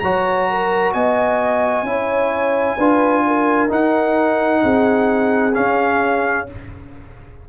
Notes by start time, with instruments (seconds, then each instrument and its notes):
0.00 tuba F#3, trombone F#4, horn C#5, trumpet A#5
0.50 horn A#4
0.93 tuba B3, horn D#5, trumpet G#5
1.83 tuba C#4, trombone E4, horn C#5
2.77 tuba D4, trombone F4, horn B4
3.27 horn A#4
3.68 trombone D#4, tuba D#4, trumpet F#5
4.63 tuba C4, horn G#4
5.55 trombone C#4, tuba C#4, trumpet F5